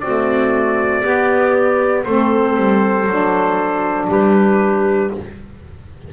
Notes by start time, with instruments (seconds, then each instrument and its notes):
0.00 saxophone A3, double bass C4, clarinet F#4, trumpet D5
1.03 saxophone B3, double bass B3, clarinet G4
2.04 double bass A3, saxophone C4, clarinet A4, trumpet C5
2.57 double bass G3
3.07 double bass F#3, saxophone D4
4.09 double bass G3, clarinet G4, trumpet B4